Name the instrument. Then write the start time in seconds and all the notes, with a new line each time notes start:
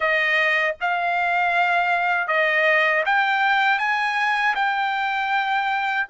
trumpet
0.00 D#5
0.80 F5
2.28 D#5
3.06 G5
3.78 G#5
4.55 G5